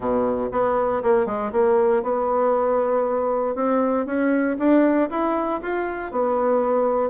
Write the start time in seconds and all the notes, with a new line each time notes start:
0.00 B2
0.51 B3
1.02 A#3
1.26 G#3
1.51 A#3
2.02 B3
3.55 C4
4.05 C#4
4.58 D4
5.10 E4
5.62 F4
6.11 B3